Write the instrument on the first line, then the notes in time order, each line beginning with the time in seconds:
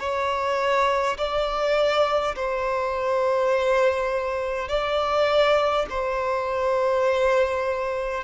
violin
0.00 C#5
1.18 D5
2.36 C5
4.69 D5
5.90 C5